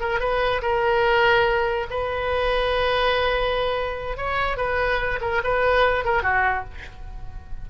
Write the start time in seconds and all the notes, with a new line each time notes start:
0.00 A#4
0.20 B4
0.61 A#4
1.90 B4
4.17 C#5
4.57 B4
5.21 A#4
5.44 B4
6.04 A#4
6.22 F#4